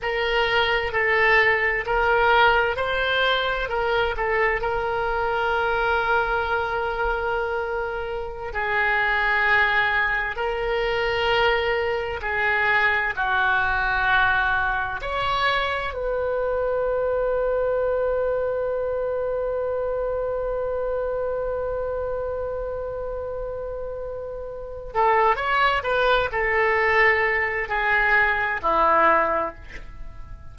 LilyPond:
\new Staff \with { instrumentName = "oboe" } { \time 4/4 \tempo 4 = 65 ais'4 a'4 ais'4 c''4 | ais'8 a'8 ais'2.~ | ais'4~ ais'16 gis'2 ais'8.~ | ais'4~ ais'16 gis'4 fis'4.~ fis'16~ |
fis'16 cis''4 b'2~ b'8.~ | b'1~ | b'2. a'8 cis''8 | b'8 a'4. gis'4 e'4 | }